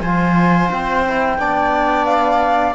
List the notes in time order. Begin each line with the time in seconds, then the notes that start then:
0.00 F3 F4 C5 G#5
0.71 C4 G5
1.07 E4
1.38 B3 D4 D5
2.05 F5